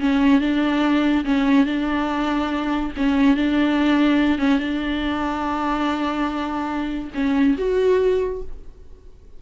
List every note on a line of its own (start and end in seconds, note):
0.00 0.41 C#4
0.41 1.25 D4
1.25 1.66 C#4
1.66 2.92 D4
2.97 3.36 C#4
3.36 4.39 D4
4.39 4.59 C#4
4.59 7.11 D4
7.15 7.57 C#4
7.58 8.42 F#4